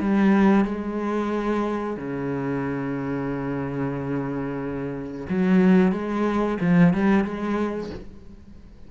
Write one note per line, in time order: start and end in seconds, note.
0.00 0.65 G3
0.65 1.97 G#3
1.97 5.27 C#3
5.29 5.92 F#3
5.92 6.58 G#3
6.61 6.94 F3
6.94 7.24 G3
7.24 7.90 G#3